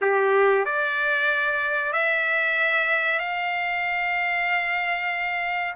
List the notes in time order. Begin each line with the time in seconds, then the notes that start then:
0.01 G4
0.65 D5
1.93 E5
3.19 F5